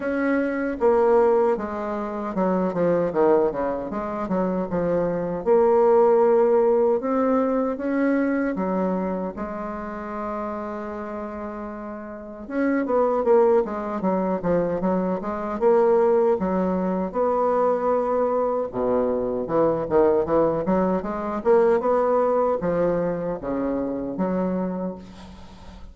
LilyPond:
\new Staff \with { instrumentName = "bassoon" } { \time 4/4 \tempo 4 = 77 cis'4 ais4 gis4 fis8 f8 | dis8 cis8 gis8 fis8 f4 ais4~ | ais4 c'4 cis'4 fis4 | gis1 |
cis'8 b8 ais8 gis8 fis8 f8 fis8 gis8 | ais4 fis4 b2 | b,4 e8 dis8 e8 fis8 gis8 ais8 | b4 f4 cis4 fis4 | }